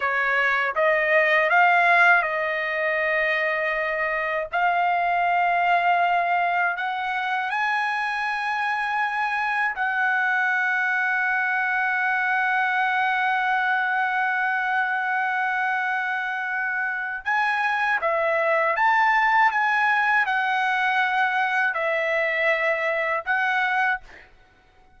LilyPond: \new Staff \with { instrumentName = "trumpet" } { \time 4/4 \tempo 4 = 80 cis''4 dis''4 f''4 dis''4~ | dis''2 f''2~ | f''4 fis''4 gis''2~ | gis''4 fis''2.~ |
fis''1~ | fis''2. gis''4 | e''4 a''4 gis''4 fis''4~ | fis''4 e''2 fis''4 | }